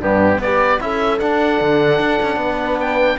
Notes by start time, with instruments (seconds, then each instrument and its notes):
0.00 cello G2, trombone B3, horn D4, oboe G4
0.39 cello B3, trombone G4, horn B4, oboe D5
0.81 cello C#4, trombone E4, horn A4, oboe E5
1.20 trombone D4, cello D4, oboe F#5
1.61 cello D3
2.00 cello D4
2.23 cello C#4
2.37 cello B3, horn B4
2.81 oboe G5